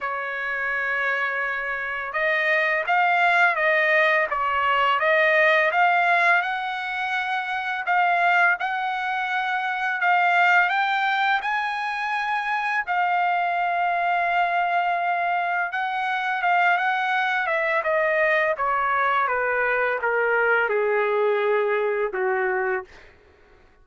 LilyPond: \new Staff \with { instrumentName = "trumpet" } { \time 4/4 \tempo 4 = 84 cis''2. dis''4 | f''4 dis''4 cis''4 dis''4 | f''4 fis''2 f''4 | fis''2 f''4 g''4 |
gis''2 f''2~ | f''2 fis''4 f''8 fis''8~ | fis''8 e''8 dis''4 cis''4 b'4 | ais'4 gis'2 fis'4 | }